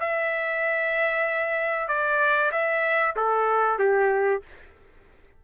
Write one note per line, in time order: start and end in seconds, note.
0.00 1.88 E5
1.88 2.51 D5
2.51 3.15 E5
3.16 3.79 A4
3.79 4.42 G4